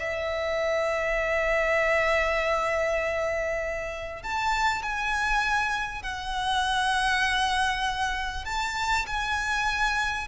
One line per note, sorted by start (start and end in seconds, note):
0.00 4.23 E5
4.23 4.83 A5
4.83 6.03 G#5
6.03 8.45 F#5
8.45 9.06 A5
9.07 10.28 G#5